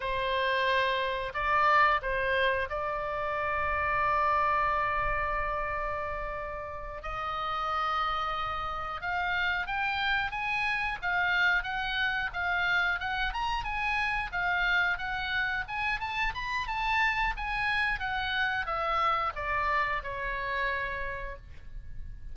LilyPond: \new Staff \with { instrumentName = "oboe" } { \time 4/4 \tempo 4 = 90 c''2 d''4 c''4 | d''1~ | d''2~ d''8 dis''4.~ | dis''4. f''4 g''4 gis''8~ |
gis''8 f''4 fis''4 f''4 fis''8 | ais''8 gis''4 f''4 fis''4 gis''8 | a''8 b''8 a''4 gis''4 fis''4 | e''4 d''4 cis''2 | }